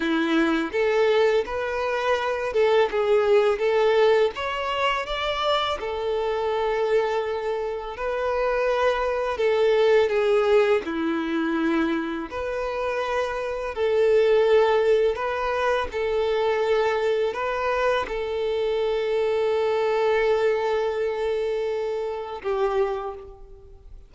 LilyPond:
\new Staff \with { instrumentName = "violin" } { \time 4/4 \tempo 4 = 83 e'4 a'4 b'4. a'8 | gis'4 a'4 cis''4 d''4 | a'2. b'4~ | b'4 a'4 gis'4 e'4~ |
e'4 b'2 a'4~ | a'4 b'4 a'2 | b'4 a'2.~ | a'2. g'4 | }